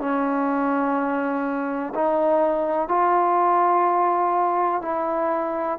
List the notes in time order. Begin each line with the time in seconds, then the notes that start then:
0.00 C#4
1.94 D#4
2.88 F4
4.82 E4